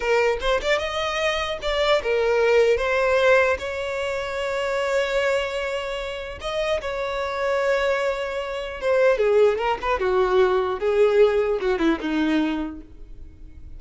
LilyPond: \new Staff \with { instrumentName = "violin" } { \time 4/4 \tempo 4 = 150 ais'4 c''8 d''8 dis''2 | d''4 ais'2 c''4~ | c''4 cis''2.~ | cis''1 |
dis''4 cis''2.~ | cis''2 c''4 gis'4 | ais'8 b'8 fis'2 gis'4~ | gis'4 fis'8 e'8 dis'2 | }